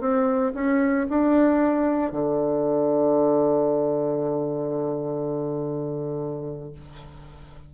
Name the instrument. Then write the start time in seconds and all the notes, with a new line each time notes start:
bassoon
0.00 C4
0.54 C#4
1.09 D4
2.11 D3